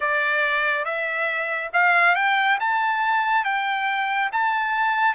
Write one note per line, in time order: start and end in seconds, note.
0.00 0.85 D5
0.85 1.70 E5
1.73 2.15 F5
2.15 2.58 G5
2.59 3.44 A5
3.44 4.30 G5
4.32 5.14 A5